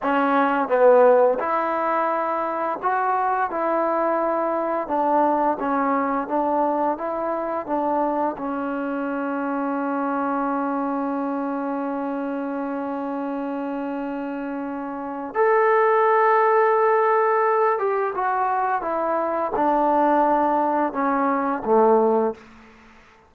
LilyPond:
\new Staff \with { instrumentName = "trombone" } { \time 4/4 \tempo 4 = 86 cis'4 b4 e'2 | fis'4 e'2 d'4 | cis'4 d'4 e'4 d'4 | cis'1~ |
cis'1~ | cis'2 a'2~ | a'4. g'8 fis'4 e'4 | d'2 cis'4 a4 | }